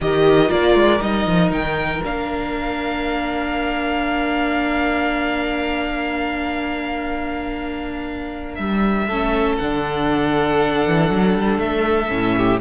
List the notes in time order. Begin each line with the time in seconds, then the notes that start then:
0.00 D#3 G4 A#4 D#5
0.47 A#3 F4 D5
0.75 G#3
1.00 G3 D#4 D#5
1.25 F3
1.50 D#3 G5
2.03 A#3 D4 F5
8.55 G3 E5
9.08 A3 C#4 A4
9.57 D3 D4 F#5
10.86 E3
11.10 F#3
11.34 G3
11.58 A3 E5
12.08 A2 C#4
12.36 G4